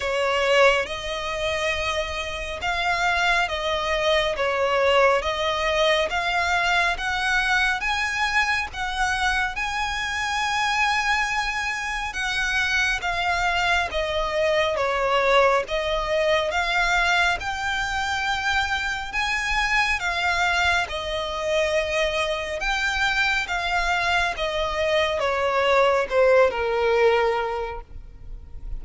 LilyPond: \new Staff \with { instrumentName = "violin" } { \time 4/4 \tempo 4 = 69 cis''4 dis''2 f''4 | dis''4 cis''4 dis''4 f''4 | fis''4 gis''4 fis''4 gis''4~ | gis''2 fis''4 f''4 |
dis''4 cis''4 dis''4 f''4 | g''2 gis''4 f''4 | dis''2 g''4 f''4 | dis''4 cis''4 c''8 ais'4. | }